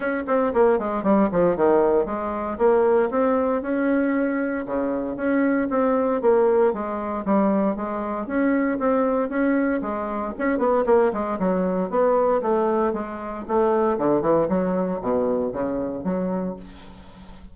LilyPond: \new Staff \with { instrumentName = "bassoon" } { \time 4/4 \tempo 4 = 116 cis'8 c'8 ais8 gis8 g8 f8 dis4 | gis4 ais4 c'4 cis'4~ | cis'4 cis4 cis'4 c'4 | ais4 gis4 g4 gis4 |
cis'4 c'4 cis'4 gis4 | cis'8 b8 ais8 gis8 fis4 b4 | a4 gis4 a4 d8 e8 | fis4 b,4 cis4 fis4 | }